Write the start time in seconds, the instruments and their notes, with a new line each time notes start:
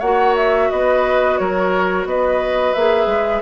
0.00 bassoon A#3, clarinet F#4, oboe C#5, flute F#5
0.36 flute E5
0.70 bassoon B3, oboe B4, flute D#5
1.38 bassoon F#3, oboe A#4, flute C#5
2.05 bassoon B3, oboe B4, flute D#5
2.74 bassoon A#3, clarinet G#4, flute E5
3.07 bassoon G#3